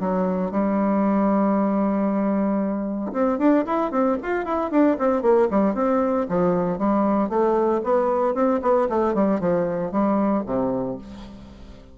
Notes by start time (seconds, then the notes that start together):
0.00 F#3
0.51 G3
3.12 C4
3.38 D4
3.66 E4
3.91 C4
4.22 F4
4.45 E4
4.71 D4
4.99 C4
5.22 A#3
5.50 G3
5.74 C4
6.29 F3
6.78 G3
7.29 A3
7.84 B3
8.34 C4
8.62 B3
8.89 A3
9.14 G3
9.40 F3
9.92 G3
10.46 C3